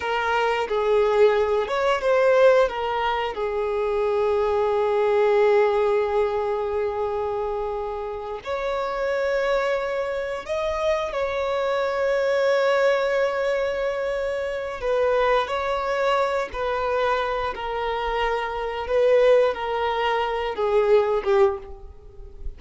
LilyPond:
\new Staff \with { instrumentName = "violin" } { \time 4/4 \tempo 4 = 89 ais'4 gis'4. cis''8 c''4 | ais'4 gis'2.~ | gis'1~ | gis'8 cis''2. dis''8~ |
dis''8 cis''2.~ cis''8~ | cis''2 b'4 cis''4~ | cis''8 b'4. ais'2 | b'4 ais'4. gis'4 g'8 | }